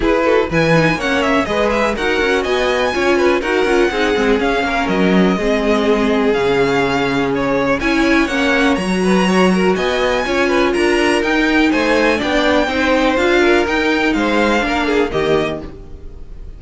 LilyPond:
<<
  \new Staff \with { instrumentName = "violin" } { \time 4/4 \tempo 4 = 123 b'4 gis''4 fis''8 e''8 dis''8 e''8 | fis''4 gis''2 fis''4~ | fis''4 f''4 dis''2~ | dis''4 f''2 cis''4 |
gis''4 fis''4 ais''2 | gis''2 ais''4 g''4 | gis''4 g''2 f''4 | g''4 f''2 dis''4 | }
  \new Staff \with { instrumentName = "violin" } { \time 4/4 gis'8 a'8 b'4 cis''4 b'4 | ais'4 dis''4 cis''8 b'8 ais'4 | gis'4. ais'4. gis'4~ | gis'1 |
cis''2~ cis''8 b'8 cis''8 ais'8 | dis''4 cis''8 b'8 ais'2 | c''4 d''4 c''4. ais'8~ | ais'4 c''4 ais'8 gis'8 g'4 | }
  \new Staff \with { instrumentName = "viola" } { \time 4/4 e'8 fis'8 e'8 dis'8 cis'4 gis'4 | fis'2 f'4 fis'8 f'8 | dis'8 c'8 cis'2 c'4~ | c'4 cis'2. |
e'4 cis'4 fis'2~ | fis'4 f'2 dis'4~ | dis'4 d'4 dis'4 f'4 | dis'2 d'4 ais4 | }
  \new Staff \with { instrumentName = "cello" } { \time 4/4 e'4 e4 ais4 gis4 | dis'8 cis'8 b4 cis'4 dis'8 cis'8 | c'8 gis8 cis'8 ais8 fis4 gis4~ | gis4 cis2. |
cis'4 ais4 fis2 | b4 cis'4 d'4 dis'4 | a4 b4 c'4 d'4 | dis'4 gis4 ais4 dis4 | }
>>